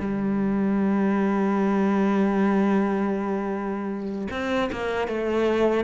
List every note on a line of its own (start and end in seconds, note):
0.00 4.29 G3
4.31 4.70 C4
4.72 5.08 A#3
5.08 5.85 A3